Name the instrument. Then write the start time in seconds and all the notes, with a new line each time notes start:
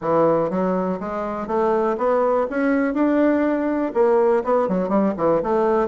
bassoon
0.01 E3
0.50 F#3
0.99 G#3
1.47 A3
1.97 B3
2.49 C#4
2.94 D4
3.93 A#3
4.44 B3
4.68 F#3
4.88 G3
5.17 E3
5.42 A3